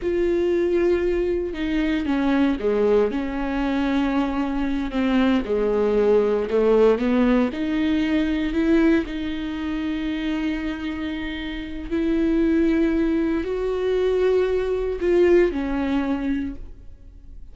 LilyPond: \new Staff \with { instrumentName = "viola" } { \time 4/4 \tempo 4 = 116 f'2. dis'4 | cis'4 gis4 cis'2~ | cis'4. c'4 gis4.~ | gis8 a4 b4 dis'4.~ |
dis'8 e'4 dis'2~ dis'8~ | dis'2. e'4~ | e'2 fis'2~ | fis'4 f'4 cis'2 | }